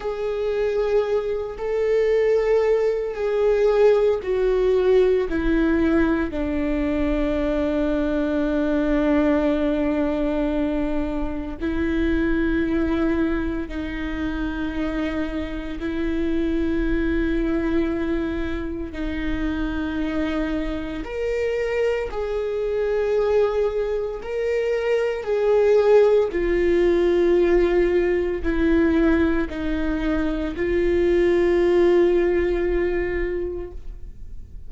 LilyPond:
\new Staff \with { instrumentName = "viola" } { \time 4/4 \tempo 4 = 57 gis'4. a'4. gis'4 | fis'4 e'4 d'2~ | d'2. e'4~ | e'4 dis'2 e'4~ |
e'2 dis'2 | ais'4 gis'2 ais'4 | gis'4 f'2 e'4 | dis'4 f'2. | }